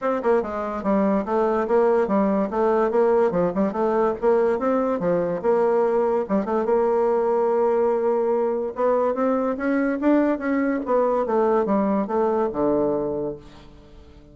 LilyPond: \new Staff \with { instrumentName = "bassoon" } { \time 4/4 \tempo 4 = 144 c'8 ais8 gis4 g4 a4 | ais4 g4 a4 ais4 | f8 g8 a4 ais4 c'4 | f4 ais2 g8 a8 |
ais1~ | ais4 b4 c'4 cis'4 | d'4 cis'4 b4 a4 | g4 a4 d2 | }